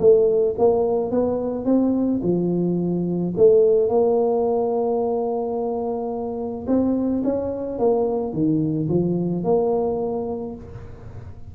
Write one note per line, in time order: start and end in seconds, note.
0.00 0.56 A3
0.58 1.11 A#3
1.11 1.65 B3
1.65 2.21 C4
2.23 3.34 F3
3.37 3.89 A3
3.89 6.67 A#3
6.67 7.23 C4
7.24 7.79 C#4
7.79 8.33 A#3
8.33 8.89 D#3
8.89 9.44 F3
9.44 10.55 A#3